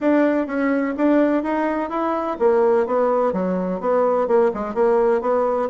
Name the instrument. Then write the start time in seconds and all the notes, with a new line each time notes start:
bassoon
0.00 D4
0.46 C#4
0.97 D4
1.43 D#4
1.89 E4
2.39 A#3
2.86 B3
3.32 F#3
3.80 B3
4.27 A#3
4.54 G#3
4.74 A#3
5.21 B3